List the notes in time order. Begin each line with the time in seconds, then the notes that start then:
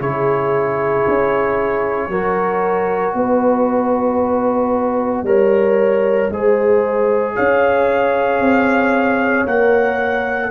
0.00 C#3 E4 G#4 C#5
1.08 C#4
2.09 F#3 F#4 A#4
3.14 B3 B4 D#5
5.23 G3 A#4 C#5
6.30 G#3 G#4 C5
7.35 C#4 C#5 F5
8.40 C4
9.46 A#3 A#4 F#5